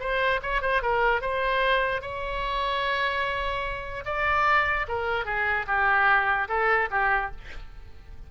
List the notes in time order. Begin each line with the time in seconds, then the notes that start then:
0.00 C5
0.43 C#5
0.62 C5
0.82 A#4
1.21 C5
2.02 C#5
4.05 D5
4.88 A#4
5.25 G#4
5.67 G4
6.48 A4
6.91 G4